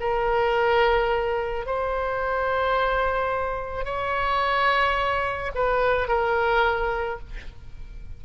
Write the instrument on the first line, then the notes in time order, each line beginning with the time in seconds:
oboe
0.00 A#4
1.66 C5
3.85 C#5
5.55 B4
6.08 A#4